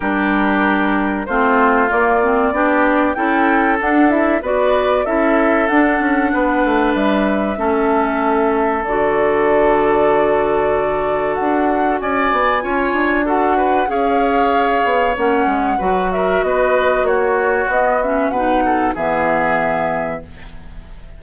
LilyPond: <<
  \new Staff \with { instrumentName = "flute" } { \time 4/4 \tempo 4 = 95 ais'2 c''4 d''4~ | d''4 g''4 fis''8 e''8 d''4 | e''4 fis''2 e''4~ | e''2 d''2~ |
d''2 fis''4 gis''4~ | gis''4 fis''4 f''2 | fis''4. e''8 dis''4 cis''4 | dis''8 e''8 fis''4 e''2 | }
  \new Staff \with { instrumentName = "oboe" } { \time 4/4 g'2 f'2 | g'4 a'2 b'4 | a'2 b'2 | a'1~ |
a'2. d''4 | cis''4 a'8 b'8 cis''2~ | cis''4 b'8 ais'8 b'4 fis'4~ | fis'4 b'8 a'8 gis'2 | }
  \new Staff \with { instrumentName = "clarinet" } { \time 4/4 d'2 c'4 ais8 c'8 | d'4 e'4 d'8 e'8 fis'4 | e'4 d'2. | cis'2 fis'2~ |
fis'1 | f'4 fis'4 gis'2 | cis'4 fis'2. | b8 cis'8 dis'4 b2 | }
  \new Staff \with { instrumentName = "bassoon" } { \time 4/4 g2 a4 ais4 | b4 cis'4 d'4 b4 | cis'4 d'8 cis'8 b8 a8 g4 | a2 d2~ |
d2 d'4 cis'8 b8 | cis'8 d'4. cis'4. b8 | ais8 gis8 fis4 b4 ais4 | b4 b,4 e2 | }
>>